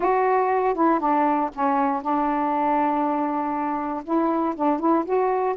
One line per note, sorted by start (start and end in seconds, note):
0.00 0.74 F#4
0.74 0.99 E4
0.99 1.50 D4
1.54 2.02 C#4
2.02 4.03 D4
4.04 4.54 E4
4.55 4.79 D4
4.79 5.04 E4
5.05 5.55 F#4